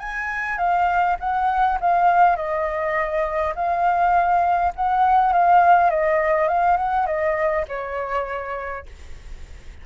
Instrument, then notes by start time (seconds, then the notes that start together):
flute
0.00 G#5
0.58 F5
1.20 F#5
1.81 F5
2.37 D#5
3.56 F5
4.76 F#5
5.33 F5
5.90 D#5
6.49 F5
6.77 F#5
7.06 D#5
7.69 C#5